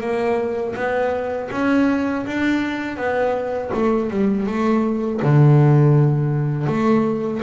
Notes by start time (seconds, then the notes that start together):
0.00 A#3
0.75 B3
1.52 C#4
2.26 D4
2.97 B3
3.74 A3
4.10 G3
4.46 A3
5.22 D3
6.67 A3